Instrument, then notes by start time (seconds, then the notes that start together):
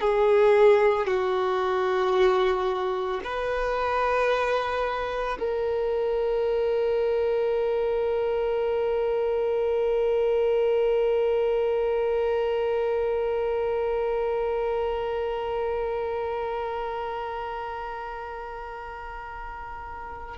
violin
0.00 G#4
1.06 F#4
3.23 B4
5.39 A#4